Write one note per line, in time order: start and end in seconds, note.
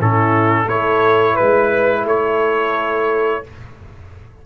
0.00 0.66 A2
0.00 0.68 C#4
0.00 0.66 E4
0.00 0.69 A4
0.66 1.35 A3
0.66 3.44 E4
0.66 1.34 A4
0.66 1.36 C#5
1.34 2.03 B4
1.34 2.05 B4
1.41 2.04 G#3
2.04 3.42 A3
2.04 3.43 A4
2.04 3.45 C#5